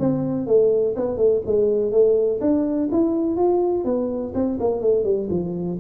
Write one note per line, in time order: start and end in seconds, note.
0.00 0.47 C4
0.47 0.95 A3
0.97 1.17 B3
1.17 1.42 A3
1.46 1.92 G#3
1.92 2.40 A3
2.41 2.90 D4
2.92 3.37 E4
3.37 3.85 F4
3.85 4.33 B3
4.35 4.59 C4
4.61 4.81 A#3
4.81 5.04 A3
5.04 5.29 G3
5.30 5.79 F3